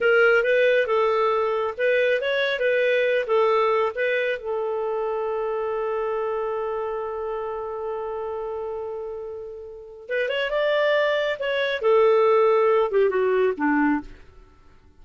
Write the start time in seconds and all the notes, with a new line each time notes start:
0.01 A#4
0.43 B4
0.87 A4
1.77 B4
2.21 C#5
2.59 B4
3.26 A4
3.95 B4
4.38 A4
10.08 B4
10.28 C#5
10.50 D5
11.39 C#5
11.81 A4
12.91 G4
13.09 F#4
13.57 D4